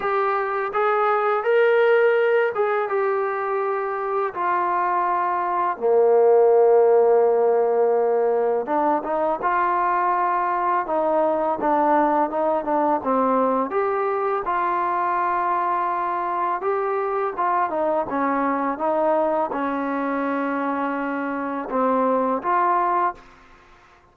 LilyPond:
\new Staff \with { instrumentName = "trombone" } { \time 4/4 \tempo 4 = 83 g'4 gis'4 ais'4. gis'8 | g'2 f'2 | ais1 | d'8 dis'8 f'2 dis'4 |
d'4 dis'8 d'8 c'4 g'4 | f'2. g'4 | f'8 dis'8 cis'4 dis'4 cis'4~ | cis'2 c'4 f'4 | }